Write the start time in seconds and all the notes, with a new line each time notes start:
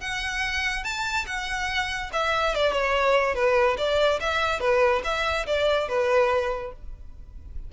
0.00 F#5
0.84 A5
1.26 F#5
2.13 E5
2.55 D5
2.72 C#5
3.35 B4
3.77 D5
4.20 E5
4.60 B4
5.04 E5
5.46 D5
5.88 B4